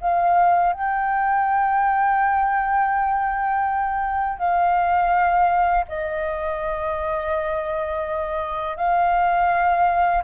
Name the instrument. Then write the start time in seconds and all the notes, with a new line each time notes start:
flute
0.00 F5
0.73 G5
4.38 F5
5.88 D#5
8.76 F5